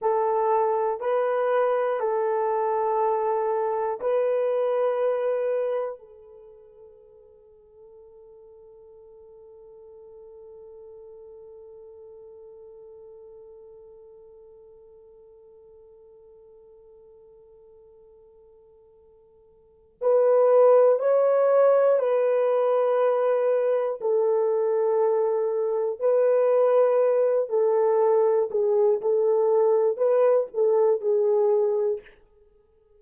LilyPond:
\new Staff \with { instrumentName = "horn" } { \time 4/4 \tempo 4 = 60 a'4 b'4 a'2 | b'2 a'2~ | a'1~ | a'1~ |
a'1 | b'4 cis''4 b'2 | a'2 b'4. a'8~ | a'8 gis'8 a'4 b'8 a'8 gis'4 | }